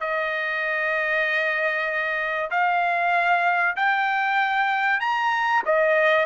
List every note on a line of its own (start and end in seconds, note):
0.00 2.50 D#5
2.51 3.76 F5
3.76 5.00 G5
5.00 5.62 A#5
5.66 6.26 D#5